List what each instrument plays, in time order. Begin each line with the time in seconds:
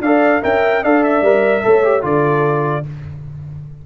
0.00 tuba D4, trombone A4, horn D5, trumpet F5
0.42 tuba C#4, trombone A#4, horn E5, trumpet G5
0.83 tuba D4, trombone A4, horn D5, trumpet F5
1.04 trumpet E5
1.21 tuba G3, trombone A#4
1.63 tuba A3, trombone A4, horn C#5
1.83 trombone G4
2.01 tuba D3, trombone F4, horn A4, trumpet D5